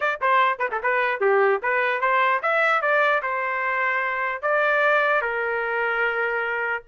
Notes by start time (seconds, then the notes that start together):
0.00 D5
0.21 C5
0.58 B4
0.71 A4
0.82 B4
1.20 G4
1.62 B4
2.00 C5
2.42 E5
2.81 D5
3.22 C5
4.42 D5
5.21 A#4